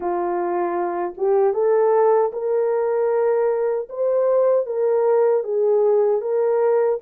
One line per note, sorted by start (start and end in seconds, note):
0.00 1.14 F4
1.17 1.53 G4
1.53 2.31 A4
2.32 3.88 A#4
3.89 4.65 C5
4.65 5.43 A#4
5.43 6.21 G#4
6.21 6.99 A#4